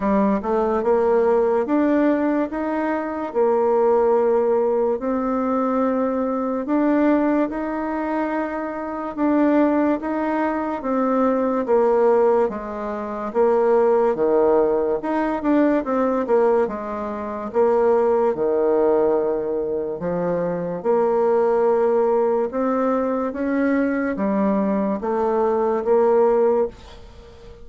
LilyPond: \new Staff \with { instrumentName = "bassoon" } { \time 4/4 \tempo 4 = 72 g8 a8 ais4 d'4 dis'4 | ais2 c'2 | d'4 dis'2 d'4 | dis'4 c'4 ais4 gis4 |
ais4 dis4 dis'8 d'8 c'8 ais8 | gis4 ais4 dis2 | f4 ais2 c'4 | cis'4 g4 a4 ais4 | }